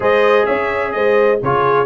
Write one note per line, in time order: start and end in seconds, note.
0.00 0.45 G#3
0.00 1.38 G#4
0.00 0.46 C5
0.00 0.46 D#5
0.46 0.94 C#4
0.46 0.93 C#5
0.46 0.92 E5
0.92 1.41 G#3
0.92 1.41 C5
0.92 1.39 D#5
1.41 1.85 C#3
1.41 1.85 F4
1.41 1.85 G#4
1.41 1.85 C#5